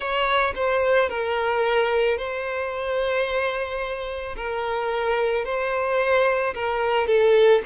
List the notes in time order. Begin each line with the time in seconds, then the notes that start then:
0.00 C#5
0.55 C5
1.09 A#4
2.17 C5
4.36 A#4
5.44 C5
6.54 A#4
7.07 A4